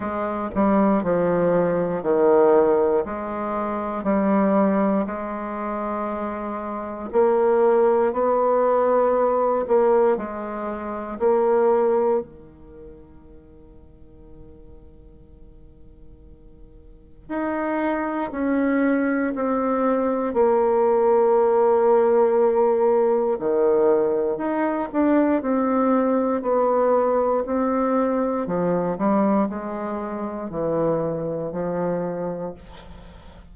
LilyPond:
\new Staff \with { instrumentName = "bassoon" } { \time 4/4 \tempo 4 = 59 gis8 g8 f4 dis4 gis4 | g4 gis2 ais4 | b4. ais8 gis4 ais4 | dis1~ |
dis4 dis'4 cis'4 c'4 | ais2. dis4 | dis'8 d'8 c'4 b4 c'4 | f8 g8 gis4 e4 f4 | }